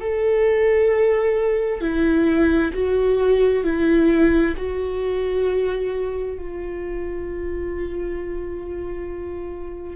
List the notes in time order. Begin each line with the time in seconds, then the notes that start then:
0.00 A4
1.81 E4
2.73 F#4
3.63 E4
4.57 F#4
6.38 F4